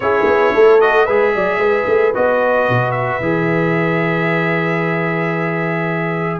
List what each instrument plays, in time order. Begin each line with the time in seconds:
0.00 tuba C#4, trombone E4, horn G#4, trumpet C#5
0.26 tuba B3
0.54 tuba A3, horn A4
0.80 trombone F#4, trumpet D#5
1.04 tuba G#3, trombone G#4, horn B4, trumpet E5
1.35 tuba F#3, horn D5
1.57 tuba G#3, horn B4
1.86 tuba A3
2.14 tuba B3, trombone F#4, trumpet D#5
2.68 tuba B2
2.91 trumpet E5
3.20 tuba E3, trombone G#4